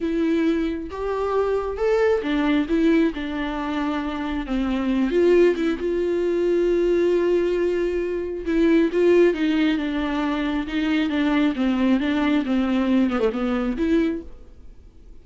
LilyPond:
\new Staff \with { instrumentName = "viola" } { \time 4/4 \tempo 4 = 135 e'2 g'2 | a'4 d'4 e'4 d'4~ | d'2 c'4. f'8~ | f'8 e'8 f'2.~ |
f'2. e'4 | f'4 dis'4 d'2 | dis'4 d'4 c'4 d'4 | c'4. b16 a16 b4 e'4 | }